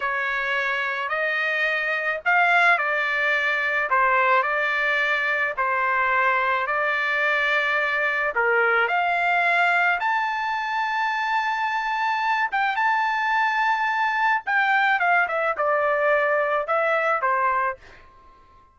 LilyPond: \new Staff \with { instrumentName = "trumpet" } { \time 4/4 \tempo 4 = 108 cis''2 dis''2 | f''4 d''2 c''4 | d''2 c''2 | d''2. ais'4 |
f''2 a''2~ | a''2~ a''8 g''8 a''4~ | a''2 g''4 f''8 e''8 | d''2 e''4 c''4 | }